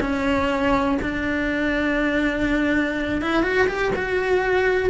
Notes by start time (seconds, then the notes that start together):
0.00 C#4
1.02 D4
3.21 E4
3.42 F#4
3.67 G4
3.95 F#4